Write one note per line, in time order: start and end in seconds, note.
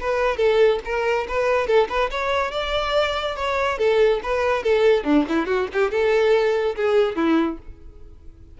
0.00 0.37 B4
0.37 0.79 A4
0.85 1.27 A#4
1.28 1.67 B4
1.67 1.88 A4
1.89 2.10 B4
2.10 2.51 C#5
2.51 3.36 D5
3.36 3.78 C#5
3.78 4.20 A4
4.23 4.63 B4
4.63 5.04 A4
5.04 5.25 D4
5.29 5.46 E4
5.46 5.67 F#4
5.73 5.91 G4
5.91 6.75 A4
6.76 7.15 G#4
7.15 7.58 E4